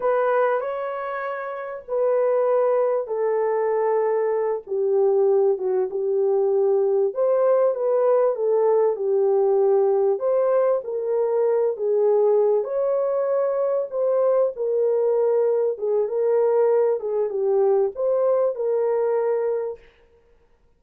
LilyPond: \new Staff \with { instrumentName = "horn" } { \time 4/4 \tempo 4 = 97 b'4 cis''2 b'4~ | b'4 a'2~ a'8 g'8~ | g'4 fis'8 g'2 c''8~ | c''8 b'4 a'4 g'4.~ |
g'8 c''4 ais'4. gis'4~ | gis'8 cis''2 c''4 ais'8~ | ais'4. gis'8 ais'4. gis'8 | g'4 c''4 ais'2 | }